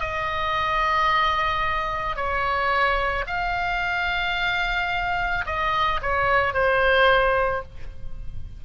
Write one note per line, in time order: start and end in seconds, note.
0.00 2.16 D#5
2.16 3.25 C#5
3.27 5.45 F5
5.46 6.00 D#5
6.02 6.54 C#5
6.54 7.63 C5